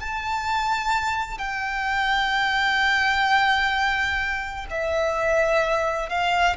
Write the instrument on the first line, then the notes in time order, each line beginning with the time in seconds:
violin
0.00 A5
1.38 G5
4.70 E5
6.09 F5